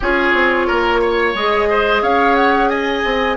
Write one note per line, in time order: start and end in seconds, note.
0.00 0.33 C#4
0.00 1.36 F4
0.00 0.67 G#4
0.00 1.35 C#5
0.33 0.67 C4
0.67 1.34 A#3
0.67 1.01 A#4
1.01 1.68 C#5
1.34 2.02 G#3
1.34 3.36 G#4
1.34 2.02 D#5
1.70 2.02 C5
2.02 3.03 C#4
2.02 2.69 C#5
2.02 2.35 F5
2.35 2.69 F#5
2.69 3.36 D#5
2.69 3.36 G#5
3.04 3.36 C4